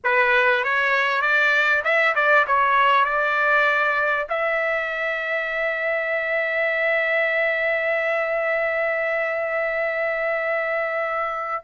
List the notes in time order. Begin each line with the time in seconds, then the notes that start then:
0.04 B4
0.63 C#5
1.21 D5
1.84 E5
2.15 D5
2.47 C#5
3.04 D5
4.29 E5